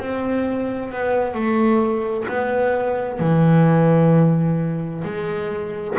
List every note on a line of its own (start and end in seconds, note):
0.00 0.92 C4
0.92 1.34 B3
1.34 2.27 A3
2.29 3.20 B3
3.20 5.04 E3
5.05 5.97 G#3